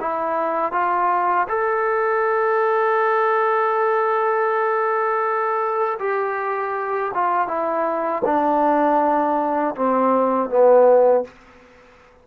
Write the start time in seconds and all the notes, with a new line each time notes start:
0.00 E4
0.72 F4
1.48 A4
5.99 G4
7.14 F4
7.47 E4
8.24 D4
9.75 C4
10.49 B3